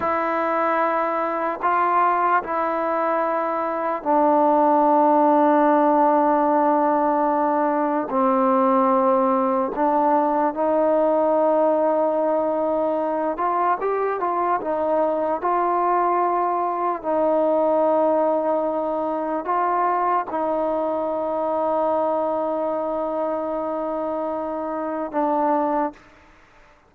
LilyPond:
\new Staff \with { instrumentName = "trombone" } { \time 4/4 \tempo 4 = 74 e'2 f'4 e'4~ | e'4 d'2.~ | d'2 c'2 | d'4 dis'2.~ |
dis'8 f'8 g'8 f'8 dis'4 f'4~ | f'4 dis'2. | f'4 dis'2.~ | dis'2. d'4 | }